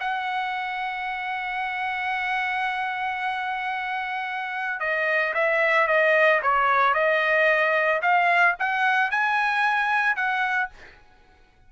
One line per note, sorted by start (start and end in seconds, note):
0.00 4.80 F#5
4.80 5.34 D#5
5.34 5.88 E5
5.88 6.41 D#5
6.43 6.94 C#5
6.94 8.01 D#5
8.02 8.56 F5
8.59 9.11 F#5
9.11 10.16 G#5
10.16 10.70 F#5